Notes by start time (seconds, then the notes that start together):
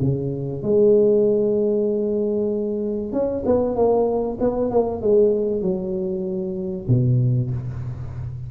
0.00 C#3
0.62 G#3
3.12 C#4
3.45 B3
3.75 A#3
4.39 B3
4.70 A#3
5.01 G#3
5.61 F#3
6.88 B2